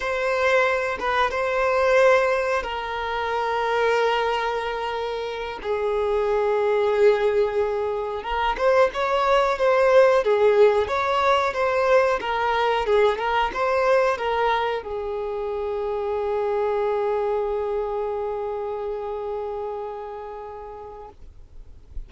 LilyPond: \new Staff \with { instrumentName = "violin" } { \time 4/4 \tempo 4 = 91 c''4. b'8 c''2 | ais'1~ | ais'8 gis'2.~ gis'8~ | gis'8 ais'8 c''8 cis''4 c''4 gis'8~ |
gis'8 cis''4 c''4 ais'4 gis'8 | ais'8 c''4 ais'4 gis'4.~ | gis'1~ | gis'1 | }